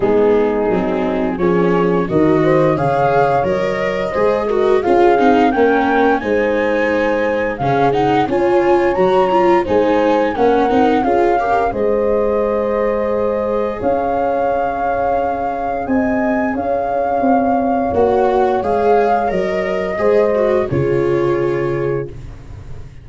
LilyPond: <<
  \new Staff \with { instrumentName = "flute" } { \time 4/4 \tempo 4 = 87 gis'2 cis''4 dis''4 | f''4 dis''2 f''4 | g''4 gis''2 f''8 fis''8 | gis''4 ais''4 gis''4 fis''4 |
f''4 dis''2. | f''2. gis''4 | f''2 fis''4 f''4 | dis''2 cis''2 | }
  \new Staff \with { instrumentName = "horn" } { \time 4/4 dis'2 gis'4 ais'8 c''8 | cis''2 c''8 ais'8 gis'4 | ais'4 c''2 gis'4 | cis''2 c''4 ais'4 |
gis'8 ais'8 c''2. | cis''2. dis''4 | cis''1~ | cis''4 c''4 gis'2 | }
  \new Staff \with { instrumentName = "viola" } { \time 4/4 b4 c'4 cis'4 fis'4 | gis'4 ais'4 gis'8 fis'8 f'8 dis'8 | cis'4 dis'2 cis'8 dis'8 | f'4 fis'8 f'8 dis'4 cis'8 dis'8 |
f'8 g'8 gis'2.~ | gis'1~ | gis'2 fis'4 gis'4 | ais'4 gis'8 fis'8 f'2 | }
  \new Staff \with { instrumentName = "tuba" } { \time 4/4 gis4 fis4 f4 dis4 | cis4 fis4 gis4 cis'8 c'8 | ais4 gis2 cis4 | cis'4 fis4 gis4 ais8 c'8 |
cis'4 gis2. | cis'2. c'4 | cis'4 c'4 ais4 gis4 | fis4 gis4 cis2 | }
>>